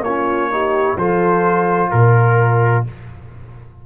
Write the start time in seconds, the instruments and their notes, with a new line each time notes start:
0.00 tuba A#3, trombone C#4, horn F4, trumpet C#5
0.51 trombone D#4, horn G4
0.97 tuba F3, trombone F4, horn A4, trumpet C5
1.90 tuba A#2, horn A#4, trumpet A#4